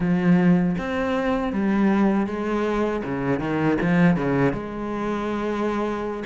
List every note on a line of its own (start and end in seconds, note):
0.00 0.76 F3
0.78 1.53 C4
1.53 2.26 G3
2.26 3.02 G#3
3.04 3.39 C#3
3.39 3.77 D#3
3.81 4.16 F3
4.16 4.52 C#3
4.52 6.23 G#3